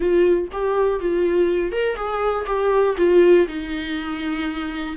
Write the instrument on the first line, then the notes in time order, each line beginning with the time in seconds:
viola
0.00 F4
0.52 G4
1.00 F4
1.72 A#4
1.95 G#4
2.46 G4
2.97 F4
3.47 D#4